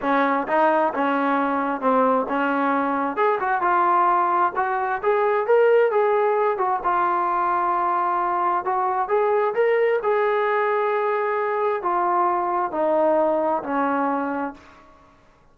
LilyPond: \new Staff \with { instrumentName = "trombone" } { \time 4/4 \tempo 4 = 132 cis'4 dis'4 cis'2 | c'4 cis'2 gis'8 fis'8 | f'2 fis'4 gis'4 | ais'4 gis'4. fis'8 f'4~ |
f'2. fis'4 | gis'4 ais'4 gis'2~ | gis'2 f'2 | dis'2 cis'2 | }